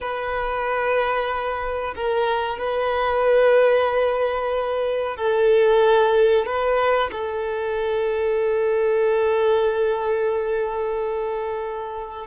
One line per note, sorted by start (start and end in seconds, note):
0.00 1.94 B4
1.95 2.58 A#4
2.58 5.16 B4
5.16 6.45 A4
6.45 7.10 B4
7.11 12.26 A4